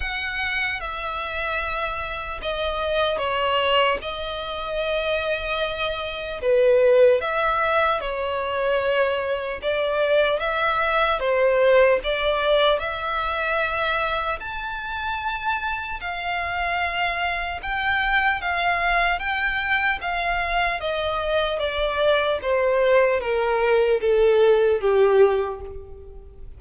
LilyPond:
\new Staff \with { instrumentName = "violin" } { \time 4/4 \tempo 4 = 75 fis''4 e''2 dis''4 | cis''4 dis''2. | b'4 e''4 cis''2 | d''4 e''4 c''4 d''4 |
e''2 a''2 | f''2 g''4 f''4 | g''4 f''4 dis''4 d''4 | c''4 ais'4 a'4 g'4 | }